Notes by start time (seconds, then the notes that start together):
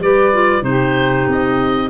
0.00 G3 G4 B4 D5
0.33 F4
0.62 C3 D#4 G4 C5
1.28 C4 D#5